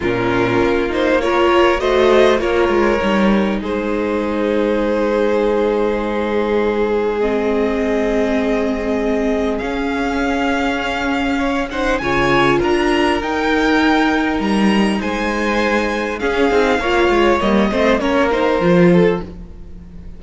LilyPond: <<
  \new Staff \with { instrumentName = "violin" } { \time 4/4 \tempo 4 = 100 ais'4. c''8 cis''4 dis''4 | cis''2 c''2~ | c''1 | dis''1 |
f''2.~ f''8 fis''8 | gis''4 ais''4 g''2 | ais''4 gis''2 f''4~ | f''4 dis''4 cis''8 c''4. | }
  \new Staff \with { instrumentName = "violin" } { \time 4/4 f'2 ais'4 c''4 | ais'2 gis'2~ | gis'1~ | gis'1~ |
gis'2. cis''8 c''8 | cis''4 ais'2.~ | ais'4 c''2 gis'4 | cis''4. c''8 ais'4. a'8 | }
  \new Staff \with { instrumentName = "viola" } { \time 4/4 cis'4. dis'8 f'4 fis'4 | f'4 dis'2.~ | dis'1 | c'1 |
cis'2.~ cis'8 dis'8 | f'2 dis'2~ | dis'2. cis'8 dis'8 | f'4 ais8 c'8 cis'8 dis'8 f'4 | }
  \new Staff \with { instrumentName = "cello" } { \time 4/4 ais,4 ais2 a4 | ais8 gis8 g4 gis2~ | gis1~ | gis1 |
cis'1 | cis4 d'4 dis'2 | g4 gis2 cis'8 c'8 | ais8 gis8 g8 a8 ais4 f4 | }
>>